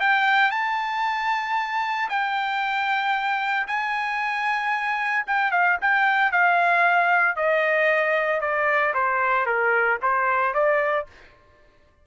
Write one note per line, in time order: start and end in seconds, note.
0.00 0.51 G5
0.51 2.09 A5
2.09 3.67 G5
3.67 5.25 G#5
5.27 5.51 G5
5.51 5.78 F5
5.81 6.32 G5
6.32 7.36 F5
7.36 8.41 D#5
8.41 8.94 D5
8.94 9.46 C5
9.46 9.99 A#4
10.02 10.54 C5
10.54 11.07 D5